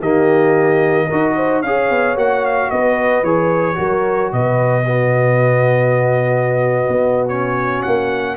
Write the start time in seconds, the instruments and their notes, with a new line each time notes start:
0.00 tuba D#3, trombone A#3, horn G4, trumpet D#5
1.07 tuba D#4, trombone F#4, horn A#4
1.36 horn C5
1.62 tuba C#4, trombone G#4, horn C#5, trumpet F5
1.90 tuba B3
2.16 tuba A#3, trombone F#4, trumpet F#5
2.46 trumpet F5
2.71 tuba B3, horn B4, trumpet D#5
3.23 tuba E3, trombone G#4, trumpet C#5
3.75 tuba F#3, trombone F#4, horn A#4
4.32 tuba B2, horn B4, trumpet D#5
4.84 trombone B3, horn F#4
6.88 tuba B3
7.29 trombone C#4, trumpet C#5
7.83 tuba A#3, trumpet F#5